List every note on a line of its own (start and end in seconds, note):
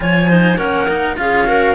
0.00 0.58 F3
0.00 0.28 F4
0.00 0.29 C#5
0.00 0.57 G#5
0.29 0.58 D#4
0.29 0.58 C5
0.57 1.17 A#3
0.57 0.87 C#4
0.57 1.17 A#4
0.57 1.16 F#5
0.88 1.16 D#4
1.16 1.74 C#4
1.16 1.46 F4
1.16 1.47 G#4
1.16 1.74 F5
1.47 1.74 F#4
1.47 1.74 A#4